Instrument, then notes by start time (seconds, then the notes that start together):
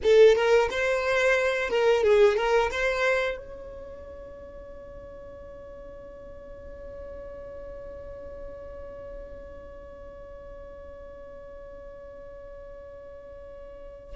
violin
0.03 A4
0.35 A#4
0.70 C5
1.69 A#4
2.03 G#4
2.36 A#4
2.70 C5
3.37 C#5